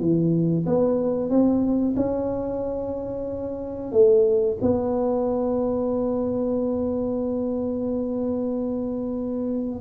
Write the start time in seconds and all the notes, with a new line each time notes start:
0.00 E3
0.66 B3
1.30 C4
1.97 C#4
3.92 A3
4.62 B3